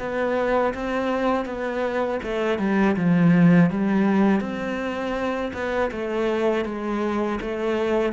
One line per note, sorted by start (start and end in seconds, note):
0.00 0.74 B3
0.75 1.46 C4
1.46 2.20 B3
2.24 2.59 A3
2.59 2.96 G3
2.97 3.71 F3
3.71 4.41 G3
4.41 5.52 C4
5.54 5.91 B3
5.92 6.66 A3
6.66 7.40 G#3
7.42 8.13 A3